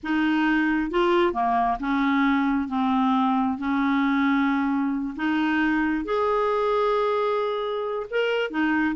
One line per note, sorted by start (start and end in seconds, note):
0.03 0.90 D#4
0.90 1.33 F4
1.33 1.77 A#3
1.79 2.68 C#4
2.68 3.57 C4
3.58 5.15 C#4
5.16 6.04 D#4
6.04 8.06 G#4
8.10 8.50 A#4
8.50 8.95 D#4